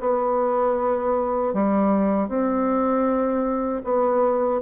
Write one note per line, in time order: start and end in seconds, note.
0.00 1.54 B3
1.54 2.28 G3
2.28 3.82 C4
3.84 4.61 B3